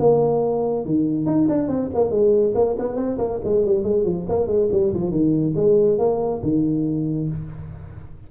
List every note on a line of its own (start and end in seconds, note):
0.00 0.86 A#3
0.86 1.26 D#3
1.26 1.48 D#4
1.49 1.69 D4
1.69 1.90 C4
1.95 2.11 A#3
2.11 2.54 G#3
2.55 2.76 A#3
2.79 2.96 B3
2.96 3.18 C4
3.19 3.40 A#3
3.44 3.65 G#3
3.65 3.84 G3
3.84 4.05 G#3
4.05 4.26 F3
4.29 4.48 A#3
4.48 4.69 G#3
4.72 4.93 G3
4.94 5.11 F3
5.11 5.54 D#3
5.56 5.99 G#3
5.99 6.41 A#3
6.43 7.29 D#3